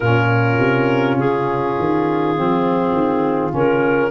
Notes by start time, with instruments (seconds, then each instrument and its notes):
0.00 tuba A#2, saxophone C#4, horn F4, clarinet A#4
0.59 tuba C3
1.17 tuba C#3, clarinet G#4
1.78 tuba D#3
2.35 tuba F3, saxophone C4
2.92 tuba D#3
3.50 tuba C#3, saxophone C#4, clarinet A#4